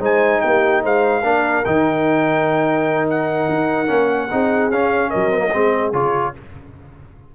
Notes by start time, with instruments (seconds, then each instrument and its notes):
0.00 tuba G#3, trombone D#4, horn C5, trumpet G#5
0.41 tuba A#3, horn G4, trumpet G5
0.83 tuba G#3, horn C5, trumpet F5
1.21 tuba A#3, trombone D4, horn A#4
1.65 tuba D#3, trombone D#4, trumpet G5
3.10 trumpet F#5
3.49 tuba D#4
3.87 tuba A#3, trombone C#4
4.31 tuba C4, trombone D#4, horn G#4
4.70 tuba C#4, trombone C#4, trumpet F5
5.10 tuba F#3, horn A#4, trumpet D#5
5.32 trombone C4
5.38 trombone A#3
5.52 tuba G#3, trombone C4, horn G#4
5.93 tuba C#3, trombone F4, trumpet C#5